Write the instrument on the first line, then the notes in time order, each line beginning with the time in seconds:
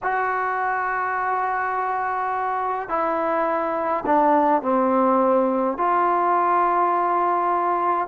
trombone
0.02 F#4
2.88 E4
4.05 D4
4.62 C4
5.77 F4